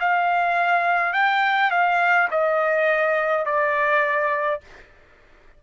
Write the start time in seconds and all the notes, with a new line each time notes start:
0.00 F5
1.14 G5
1.71 F5
2.31 D#5
3.46 D5